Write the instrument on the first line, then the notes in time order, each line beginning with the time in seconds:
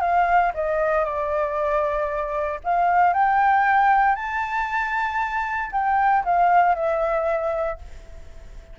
flute
0.00 F5
0.54 D#5
1.04 D5
2.64 F5
3.13 G5
4.15 A5
5.72 G5
6.24 F5
6.75 E5